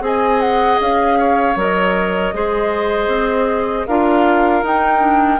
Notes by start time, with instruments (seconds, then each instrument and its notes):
0.00 bassoon C4, clarinet G#4, oboe D#5, flute G#5
0.40 flute F#5
0.80 bassoon C#4, flute F5
1.18 oboe C#5
1.56 bassoon F#3, clarinet A#4, flute D#5
2.33 bassoon G#3, clarinet G#4, oboe C5
3.07 bassoon C4
3.86 bassoon D4, clarinet F4, oboe A#4, flute F5
4.62 bassoon D#4, clarinet D#4, flute G5
5.00 clarinet D4